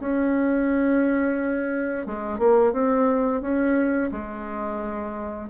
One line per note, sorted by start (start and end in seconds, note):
0.00 2.07 C#4
2.07 2.39 G#3
2.39 2.73 A#3
2.73 3.42 C4
3.42 4.11 C#4
4.12 5.50 G#3